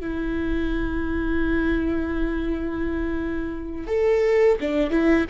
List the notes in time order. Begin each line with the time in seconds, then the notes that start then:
0.00 E4
3.87 A4
4.60 D4
4.90 E4